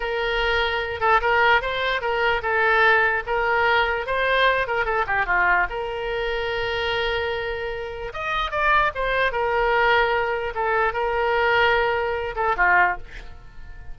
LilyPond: \new Staff \with { instrumentName = "oboe" } { \time 4/4 \tempo 4 = 148 ais'2~ ais'8 a'8 ais'4 | c''4 ais'4 a'2 | ais'2 c''4. ais'8 | a'8 g'8 f'4 ais'2~ |
ais'1 | dis''4 d''4 c''4 ais'4~ | ais'2 a'4 ais'4~ | ais'2~ ais'8 a'8 f'4 | }